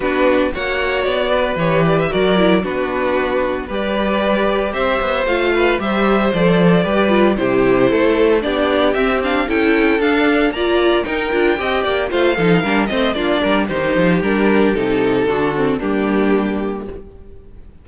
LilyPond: <<
  \new Staff \with { instrumentName = "violin" } { \time 4/4 \tempo 4 = 114 b'4 fis''4 d''4 cis''8 d''16 e''16 | d''4 b'2 d''4~ | d''4 e''4 f''4 e''4 | d''2 c''2 |
d''4 e''8 f''8 g''4 f''4 | ais''4 g''2 f''4~ | f''8 dis''8 d''4 c''4 ais'4 | a'2 g'2 | }
  \new Staff \with { instrumentName = "violin" } { \time 4/4 fis'4 cis''4. b'4. | ais'4 fis'2 b'4~ | b'4 c''4. b'8 c''4~ | c''4 b'4 g'4 a'4 |
g'2 a'2 | d''4 ais'4 dis''8 d''8 c''8 a'8 | ais'8 c''8 f'8 ais'8 g'2~ | g'4 fis'4 d'2 | }
  \new Staff \with { instrumentName = "viola" } { \time 4/4 d'4 fis'2 g'4 | fis'8 e'8 d'2 g'4~ | g'2 f'4 g'4 | a'4 g'8 f'8 e'2 |
d'4 c'8 d'8 e'4 d'4 | f'4 dis'8 f'8 g'4 f'8 dis'8 | d'8 c'8 d'4 dis'4 d'4 | dis'4 d'8 c'8 ais2 | }
  \new Staff \with { instrumentName = "cello" } { \time 4/4 b4 ais4 b4 e4 | fis4 b2 g4~ | g4 c'8 b8 a4 g4 | f4 g4 c4 a4 |
b4 c'4 cis'4 d'4 | ais4 dis'8 d'8 c'8 ais8 a8 f8 | g8 a8 ais8 g8 dis8 f8 g4 | c4 d4 g2 | }
>>